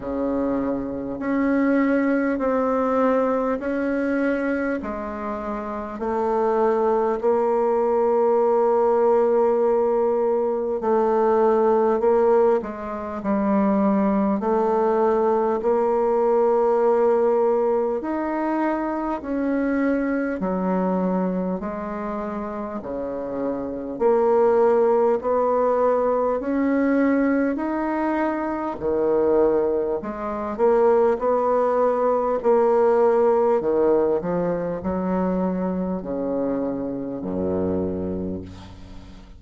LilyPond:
\new Staff \with { instrumentName = "bassoon" } { \time 4/4 \tempo 4 = 50 cis4 cis'4 c'4 cis'4 | gis4 a4 ais2~ | ais4 a4 ais8 gis8 g4 | a4 ais2 dis'4 |
cis'4 fis4 gis4 cis4 | ais4 b4 cis'4 dis'4 | dis4 gis8 ais8 b4 ais4 | dis8 f8 fis4 cis4 fis,4 | }